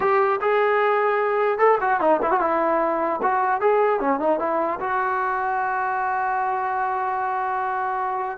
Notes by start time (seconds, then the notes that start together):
0.00 G4
0.41 G#4
1.58 A4
1.81 F#4
2.00 D#4
2.22 E4
2.31 F#4
2.40 E4
3.22 F#4
3.60 G#4
4.00 C#4
4.19 D#4
4.39 E4
4.80 F#4